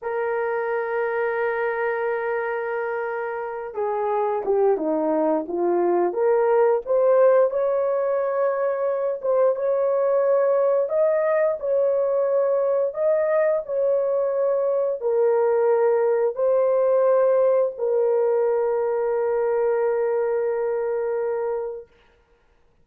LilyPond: \new Staff \with { instrumentName = "horn" } { \time 4/4 \tempo 4 = 88 ais'1~ | ais'4. gis'4 g'8 dis'4 | f'4 ais'4 c''4 cis''4~ | cis''4. c''8 cis''2 |
dis''4 cis''2 dis''4 | cis''2 ais'2 | c''2 ais'2~ | ais'1 | }